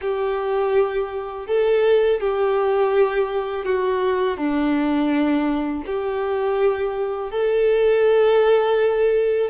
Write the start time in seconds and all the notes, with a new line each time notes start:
0.01 G4
1.47 A4
2.20 G4
3.65 F#4
4.37 D4
5.86 G4
7.31 A4